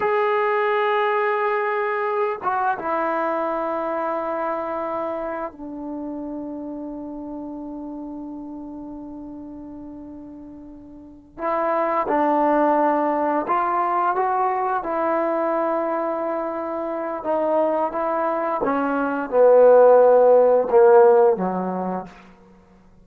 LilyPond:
\new Staff \with { instrumentName = "trombone" } { \time 4/4 \tempo 4 = 87 gis'2.~ gis'8 fis'8 | e'1 | d'1~ | d'1~ |
d'8 e'4 d'2 f'8~ | f'8 fis'4 e'2~ e'8~ | e'4 dis'4 e'4 cis'4 | b2 ais4 fis4 | }